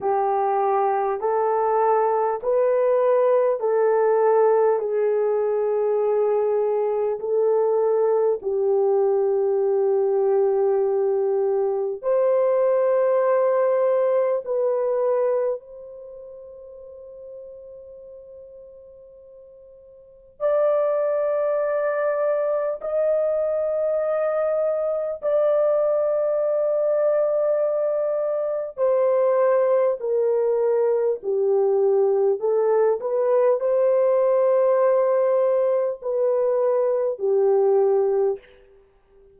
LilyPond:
\new Staff \with { instrumentName = "horn" } { \time 4/4 \tempo 4 = 50 g'4 a'4 b'4 a'4 | gis'2 a'4 g'4~ | g'2 c''2 | b'4 c''2.~ |
c''4 d''2 dis''4~ | dis''4 d''2. | c''4 ais'4 g'4 a'8 b'8 | c''2 b'4 g'4 | }